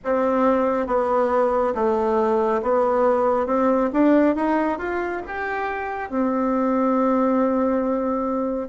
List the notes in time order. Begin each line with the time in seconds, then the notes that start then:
0.04 C4
0.87 B3
1.74 A3
2.62 B3
3.46 C4
3.92 D4
4.35 D#4
4.78 F4
5.26 G4
6.10 C4